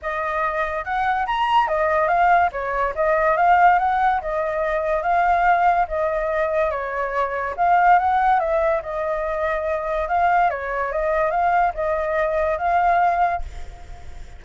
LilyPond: \new Staff \with { instrumentName = "flute" } { \time 4/4 \tempo 4 = 143 dis''2 fis''4 ais''4 | dis''4 f''4 cis''4 dis''4 | f''4 fis''4 dis''2 | f''2 dis''2 |
cis''2 f''4 fis''4 | e''4 dis''2. | f''4 cis''4 dis''4 f''4 | dis''2 f''2 | }